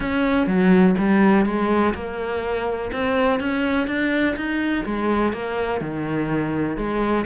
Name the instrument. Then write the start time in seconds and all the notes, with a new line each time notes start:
cello
0.00 C#4
0.46 F#3
0.98 G3
1.45 G#3
1.94 A#3
2.92 C4
3.39 C#4
3.87 D4
4.36 D#4
4.85 G#3
5.32 A#3
5.80 D#3
6.76 G#3